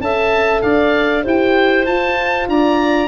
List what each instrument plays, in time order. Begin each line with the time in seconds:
0.00 tuba C#4, horn A4, clarinet E5, oboe A5
0.61 tuba D4, clarinet D5, oboe F5
1.23 tuba E4, horn G4, clarinet C5, oboe G5
1.85 horn F4, tuba F4, oboe A5
2.48 tuba D4, clarinet D5, oboe A#5